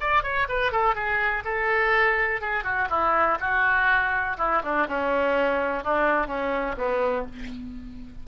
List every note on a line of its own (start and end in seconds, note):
0.00 0.23 D5
0.23 0.47 C#5
0.48 0.71 B4
0.71 0.94 A4
0.94 1.43 G#4
1.44 2.40 A4
2.40 2.63 G#4
2.63 2.88 F#4
2.90 3.38 E4
3.40 4.37 F#4
4.37 4.62 E4
4.63 4.87 D4
4.87 5.84 C#4
5.84 6.27 D4
6.27 6.75 C#4
6.77 7.26 B3